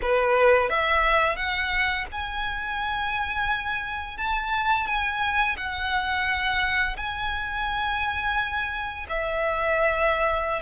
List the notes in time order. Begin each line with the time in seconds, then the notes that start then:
0.01 B4
0.69 E5
1.36 F#5
2.11 G#5
4.17 A5
4.86 G#5
5.57 F#5
6.96 G#5
9.09 E5